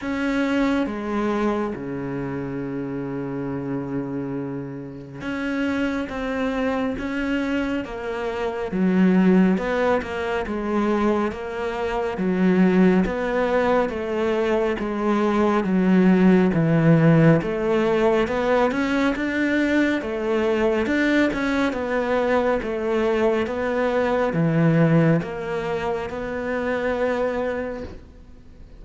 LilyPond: \new Staff \with { instrumentName = "cello" } { \time 4/4 \tempo 4 = 69 cis'4 gis4 cis2~ | cis2 cis'4 c'4 | cis'4 ais4 fis4 b8 ais8 | gis4 ais4 fis4 b4 |
a4 gis4 fis4 e4 | a4 b8 cis'8 d'4 a4 | d'8 cis'8 b4 a4 b4 | e4 ais4 b2 | }